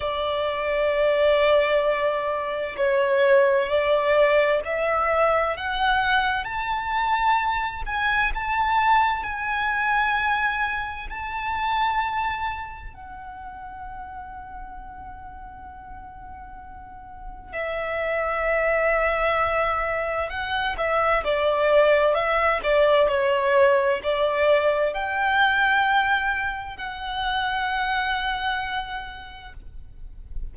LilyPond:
\new Staff \with { instrumentName = "violin" } { \time 4/4 \tempo 4 = 65 d''2. cis''4 | d''4 e''4 fis''4 a''4~ | a''8 gis''8 a''4 gis''2 | a''2 fis''2~ |
fis''2. e''4~ | e''2 fis''8 e''8 d''4 | e''8 d''8 cis''4 d''4 g''4~ | g''4 fis''2. | }